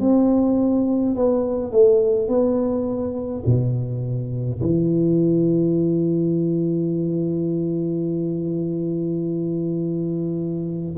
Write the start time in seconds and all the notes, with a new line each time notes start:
0.00 C4
1.15 B3
1.72 A3
2.28 B3
3.46 B2
4.62 E3